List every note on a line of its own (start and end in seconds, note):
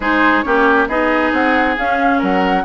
0.00 0.43 G#3
0.00 0.44 D#4
0.00 0.44 G#4
0.00 0.42 C5
0.42 0.88 A#3
0.42 0.88 C#4
0.42 0.88 G4
0.42 0.86 C#5
0.88 1.32 B3
0.88 1.77 D#4
0.88 2.18 G#4
0.88 1.32 D#5
1.32 1.76 C4
1.32 1.77 F#5
1.77 2.64 C#4
1.77 2.22 C#4
1.77 2.21 F5
2.18 2.64 F#3
2.18 2.62 A#4
2.18 2.64 F#5